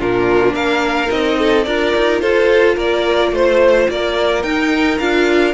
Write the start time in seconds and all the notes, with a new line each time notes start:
0.00 A#2 D4 F4 A#4
0.54 A#3 A#4 F5
1.07 C4 D#4 D#5
1.39 A4
1.64 D4 F4 A#4 D5
1.96 D#4
2.21 F4 A4 C5
2.76 A#3 A#4 D5
3.32 A3 C5
3.89 A#3 A#4 D5
4.43 D#4 G5
4.99 D4 F4 F5